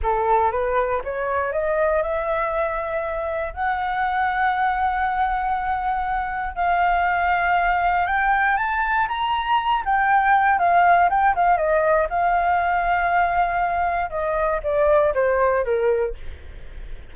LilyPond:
\new Staff \with { instrumentName = "flute" } { \time 4/4 \tempo 4 = 119 a'4 b'4 cis''4 dis''4 | e''2. fis''4~ | fis''1~ | fis''4 f''2. |
g''4 a''4 ais''4. g''8~ | g''4 f''4 g''8 f''8 dis''4 | f''1 | dis''4 d''4 c''4 ais'4 | }